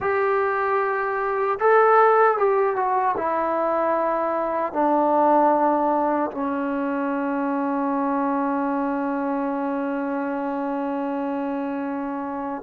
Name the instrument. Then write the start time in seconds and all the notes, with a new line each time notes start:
trombone
0.00 G4
1.59 A4
2.37 G4
2.76 F#4
3.17 E4
4.73 D4
6.31 C#4